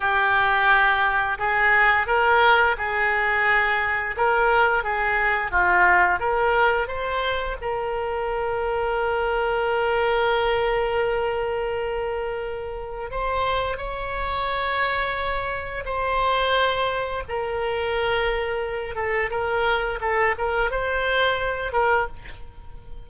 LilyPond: \new Staff \with { instrumentName = "oboe" } { \time 4/4 \tempo 4 = 87 g'2 gis'4 ais'4 | gis'2 ais'4 gis'4 | f'4 ais'4 c''4 ais'4~ | ais'1~ |
ais'2. c''4 | cis''2. c''4~ | c''4 ais'2~ ais'8 a'8 | ais'4 a'8 ais'8 c''4. ais'8 | }